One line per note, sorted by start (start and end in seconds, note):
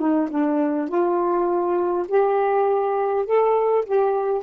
0.00 0.29 D#4
0.31 0.89 D4
0.89 2.07 F4
2.09 3.26 G4
3.26 3.85 A4
3.86 4.44 G4